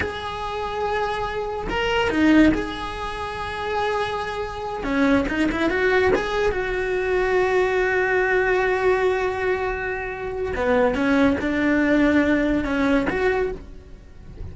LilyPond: \new Staff \with { instrumentName = "cello" } { \time 4/4 \tempo 4 = 142 gis'1 | ais'4 dis'4 gis'2~ | gis'2.~ gis'8 cis'8~ | cis'8 dis'8 e'8 fis'4 gis'4 fis'8~ |
fis'1~ | fis'1~ | fis'4 b4 cis'4 d'4~ | d'2 cis'4 fis'4 | }